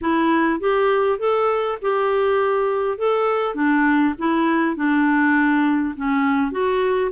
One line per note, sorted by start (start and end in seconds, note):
0.01 0.59 E4
0.59 1.19 G4
1.19 1.78 A4
1.81 2.98 G4
2.98 3.55 A4
3.55 4.14 D4
4.18 4.76 E4
4.76 5.94 D4
5.96 6.51 C#4
6.51 7.11 F#4